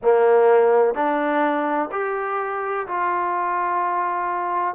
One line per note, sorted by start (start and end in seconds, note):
0.02 0.94 A#3
0.94 1.89 D4
1.91 2.86 G4
2.87 4.74 F4